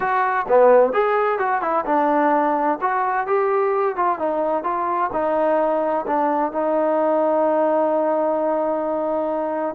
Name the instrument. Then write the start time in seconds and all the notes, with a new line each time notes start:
trombone
0.00 F#4
0.48 B3
0.92 G#4
1.38 F#4
1.61 E4
1.85 D4
2.81 F#4
3.26 G4
3.95 F4
4.18 D#4
4.63 F4
5.12 D#4
6.07 D4
6.52 D#4